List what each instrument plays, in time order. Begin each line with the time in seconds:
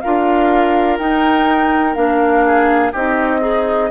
0.00 bassoon D4, clarinet F4, oboe A#4, flute F5
0.98 bassoon D#4, clarinet D#4, flute G5
1.95 bassoon A#3, clarinet D4, flute F5
2.46 oboe G#4
2.92 bassoon C4, clarinet D#4, oboe G4, flute D#5
3.40 oboe D#4, clarinet G#4